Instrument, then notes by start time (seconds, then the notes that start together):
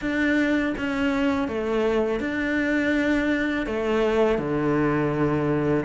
cello
0.01 D4
0.77 C#4
1.48 A3
2.20 D4
3.66 A3
4.38 D3